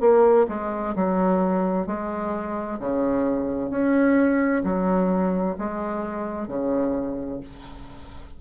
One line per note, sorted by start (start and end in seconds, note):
0.00 0.46 A#3
0.48 0.94 G#3
0.95 1.86 F#3
1.86 2.79 G#3
2.79 3.70 C#3
3.70 4.62 C#4
4.64 5.56 F#3
5.58 6.47 G#3
6.47 7.40 C#3